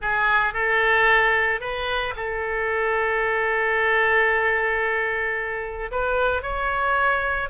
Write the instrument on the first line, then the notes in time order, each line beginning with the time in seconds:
oboe
0.01 G#4
0.53 A4
1.60 B4
2.16 A4
5.91 B4
6.42 C#5